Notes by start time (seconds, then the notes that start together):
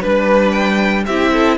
0.00 G3 D4 B4
0.52 G5
1.06 C4 E4 G4 E5
1.32 A4